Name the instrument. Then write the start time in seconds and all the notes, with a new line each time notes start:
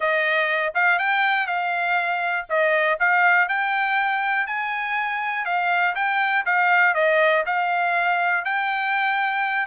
trumpet
0.00 D#5
0.74 F5
0.98 G5
1.46 F5
2.49 D#5
2.99 F5
3.48 G5
4.46 G#5
5.45 F5
5.95 G5
6.45 F5
6.94 D#5
7.46 F5
8.44 G5